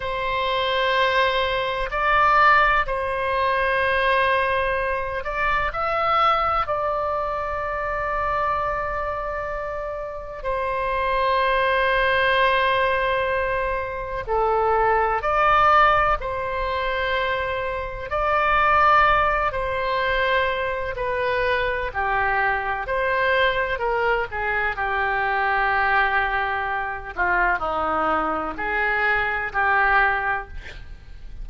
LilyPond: \new Staff \with { instrumentName = "oboe" } { \time 4/4 \tempo 4 = 63 c''2 d''4 c''4~ | c''4. d''8 e''4 d''4~ | d''2. c''4~ | c''2. a'4 |
d''4 c''2 d''4~ | d''8 c''4. b'4 g'4 | c''4 ais'8 gis'8 g'2~ | g'8 f'8 dis'4 gis'4 g'4 | }